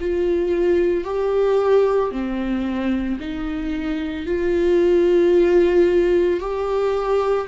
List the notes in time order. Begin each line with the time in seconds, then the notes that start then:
0.00 F4
1.04 G4
2.11 C4
3.19 D#4
4.26 F4
6.40 G4